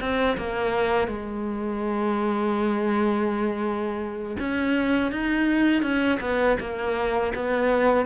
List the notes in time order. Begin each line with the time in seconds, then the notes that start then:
0.00 C4
0.37 A#3
1.07 G#3
4.39 C#4
5.12 D#4
5.82 C#4
6.21 B3
6.60 A#3
7.35 B3